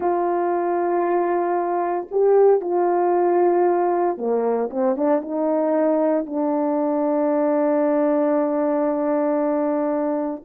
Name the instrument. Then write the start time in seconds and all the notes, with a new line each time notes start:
horn
0.00 F4
2.11 G4
2.61 F4
4.17 A#3
4.70 C4
4.96 D4
5.21 D#4
6.25 D4